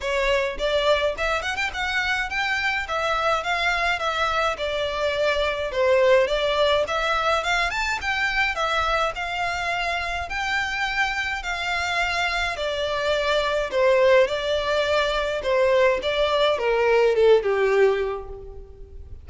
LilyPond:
\new Staff \with { instrumentName = "violin" } { \time 4/4 \tempo 4 = 105 cis''4 d''4 e''8 fis''16 g''16 fis''4 | g''4 e''4 f''4 e''4 | d''2 c''4 d''4 | e''4 f''8 a''8 g''4 e''4 |
f''2 g''2 | f''2 d''2 | c''4 d''2 c''4 | d''4 ais'4 a'8 g'4. | }